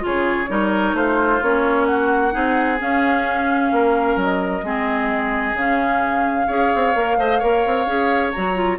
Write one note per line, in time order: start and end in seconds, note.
0.00 0.50 C#3
0.00 0.46 F4
0.00 0.50 G#4
0.06 0.96 C#5
0.49 0.94 G3
0.49 1.41 D#4
0.49 0.96 A#4
0.94 1.40 A3
0.94 1.89 F4
0.94 1.42 C5
1.43 2.35 A#3
1.43 2.32 C#4
1.43 1.86 C#5
1.86 2.34 F#4
1.86 2.78 F#5
2.32 2.81 C4
2.32 2.78 D#4
2.32 3.72 G#4
2.78 4.63 C#4
2.78 3.72 C#4
2.78 4.20 F5
3.72 4.16 A#3
3.72 4.65 A#4
4.16 4.62 F#3
4.23 5.57 D#5
4.63 5.54 G#3
4.63 5.56 C4
4.63 6.47 G#4
5.54 6.47 C#3
5.54 6.48 C#4
5.54 8.32 F5
6.47 6.72 C#4
6.47 6.94 G#4
6.47 7.17 C#5
6.75 6.95 C4
6.95 7.18 A#3
6.95 7.18 A#4
7.18 7.41 A3
7.18 7.41 C5
7.18 7.39 D#5
7.39 7.66 A#3
7.39 7.87 A#4
7.39 8.77 C#5
7.66 7.86 C4
7.86 8.33 C#4
7.86 8.33 G#4
8.32 8.79 F#3
8.32 8.55 F#4
8.32 8.78 A#5
8.55 8.78 F4